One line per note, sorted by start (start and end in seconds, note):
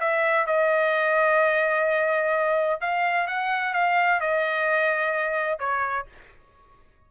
0.00 0.46 E5
0.46 2.81 D#5
2.81 3.27 F5
3.27 3.74 F#5
3.74 4.20 F5
4.20 5.59 D#5
5.59 6.06 C#5